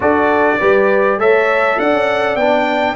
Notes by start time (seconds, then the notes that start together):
0.00 D4 F#4 A4 D5
0.59 G3 G4 B4
1.18 A3 A4 C#5 E5
1.79 D4 D5 F#5
1.93 C#4
2.35 B3 D4 G5